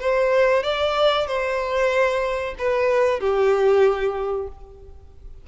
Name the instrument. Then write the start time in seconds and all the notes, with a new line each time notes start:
violin
0.00 C5
0.63 D5
1.27 C5
2.59 B4
3.20 G4